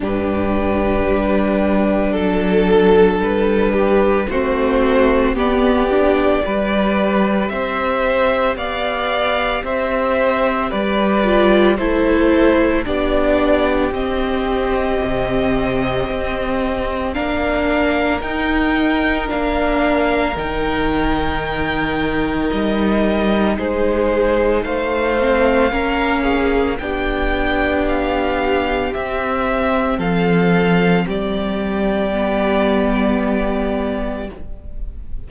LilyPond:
<<
  \new Staff \with { instrumentName = "violin" } { \time 4/4 \tempo 4 = 56 b'2 a'4 b'4 | c''4 d''2 e''4 | f''4 e''4 d''4 c''4 | d''4 dis''2. |
f''4 g''4 f''4 g''4~ | g''4 dis''4 c''4 f''4~ | f''4 g''4 f''4 e''4 | f''4 d''2. | }
  \new Staff \with { instrumentName = "violin" } { \time 4/4 g'2 a'4. g'8 | fis'4 g'4 b'4 c''4 | d''4 c''4 b'4 a'4 | g'1 |
ais'1~ | ais'2 gis'4 c''4 | ais'8 gis'8 g'2. | a'4 g'2. | }
  \new Staff \with { instrumentName = "viola" } { \time 4/4 d'1 | c'4 b8 d'8 g'2~ | g'2~ g'8 f'8 e'4 | d'4 c'2. |
d'4 dis'4 d'4 dis'4~ | dis'2.~ dis'8 c'8 | cis'4 d'2 c'4~ | c'2 b2 | }
  \new Staff \with { instrumentName = "cello" } { \time 4/4 g,4 g4 fis4 g4 | a4 b4 g4 c'4 | b4 c'4 g4 a4 | b4 c'4 c4 c'4 |
ais4 dis'4 ais4 dis4~ | dis4 g4 gis4 a4 | ais4 b2 c'4 | f4 g2. | }
>>